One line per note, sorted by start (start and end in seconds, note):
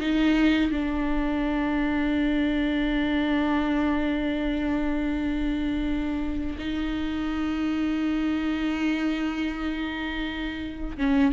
0.00 0.71 D#4
0.71 6.57 D4
6.59 10.98 D#4
10.98 11.32 C#4